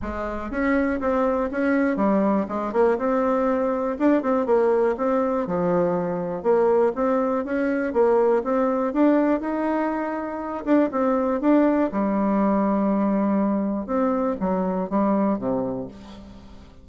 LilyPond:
\new Staff \with { instrumentName = "bassoon" } { \time 4/4 \tempo 4 = 121 gis4 cis'4 c'4 cis'4 | g4 gis8 ais8 c'2 | d'8 c'8 ais4 c'4 f4~ | f4 ais4 c'4 cis'4 |
ais4 c'4 d'4 dis'4~ | dis'4. d'8 c'4 d'4 | g1 | c'4 fis4 g4 c4 | }